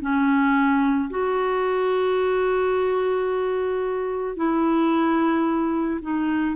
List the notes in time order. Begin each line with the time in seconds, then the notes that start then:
0.00 C#4
1.10 F#4
4.36 E4
6.01 D#4